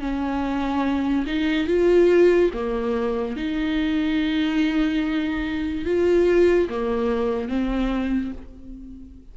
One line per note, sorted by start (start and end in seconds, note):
0.00 1.25 C#4
1.26 1.67 D#4
1.67 2.50 F4
2.53 3.36 A#3
3.36 5.85 D#4
5.85 6.68 F4
6.69 7.48 A#3
7.48 8.31 C4